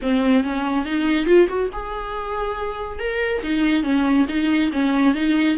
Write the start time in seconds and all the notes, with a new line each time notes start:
0.02 C4
0.43 C#4
0.85 D#4
1.26 F4
1.48 F#4
1.73 G#4
2.99 A#4
3.42 D#4
3.83 C#4
4.28 D#4
4.72 C#4
5.14 D#4